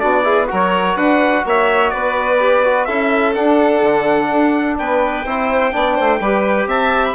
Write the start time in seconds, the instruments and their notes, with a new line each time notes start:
0.00 bassoon B3, trombone D4, violin F#4, trumpet D5
0.24 trombone E4, violin G#4
0.48 bassoon F#3, trombone F#4, violin A#4
0.54 trumpet C#5
0.96 bassoon D4, violin B4, trumpet F#5
1.46 bassoon A#3, violin C#5, trumpet E5
1.90 bassoon B3, violin B4, trumpet D5
2.40 trombone G4
2.65 trombone F#4
2.85 bassoon C#4, trombone E4, violin A4, trumpet E5
3.35 trombone D4, bassoon D4, trumpet F#5
3.82 bassoon D3
4.32 bassoon D4
4.79 bassoon B3, violin B4, trumpet G5
5.25 bassoon C4, trombone E4, violin C5
5.73 bassoon B3, trombone D4, violin D5
5.95 bassoon A3, violin C5
6.21 bassoon G3, trombone G4, violin B4
6.67 bassoon C4, violin E5, trumpet A5
7.06 trumpet B5